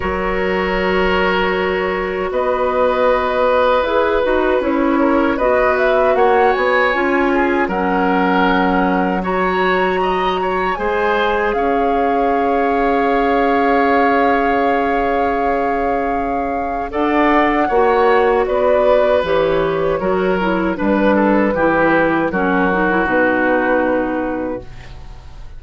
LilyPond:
<<
  \new Staff \with { instrumentName = "flute" } { \time 4/4 \tempo 4 = 78 cis''2. dis''4~ | dis''4 b'4 cis''4 dis''8 e''8 | fis''8 gis''4. fis''2 | ais''2 gis''4 f''4~ |
f''1~ | f''2 fis''2 | d''4 cis''2 b'4~ | b'4 ais'4 b'2 | }
  \new Staff \with { instrumentName = "oboe" } { \time 4/4 ais'2. b'4~ | b'2~ b'8 ais'8 b'4 | cis''4. gis'8 ais'2 | cis''4 dis''8 cis''8 c''4 cis''4~ |
cis''1~ | cis''2 d''4 cis''4 | b'2 ais'4 b'8 a'8 | g'4 fis'2. | }
  \new Staff \with { instrumentName = "clarinet" } { \time 4/4 fis'1~ | fis'4 gis'8 fis'8 e'4 fis'4~ | fis'4 f'4 cis'2 | fis'2 gis'2~ |
gis'1~ | gis'2 a'4 fis'4~ | fis'4 g'4 fis'8 e'8 d'4 | e'4 cis'8 dis'16 e'16 dis'2 | }
  \new Staff \with { instrumentName = "bassoon" } { \time 4/4 fis2. b4~ | b4 e'8 dis'8 cis'4 b4 | ais8 b8 cis'4 fis2~ | fis2 gis4 cis'4~ |
cis'1~ | cis'2 d'4 ais4 | b4 e4 fis4 g4 | e4 fis4 b,2 | }
>>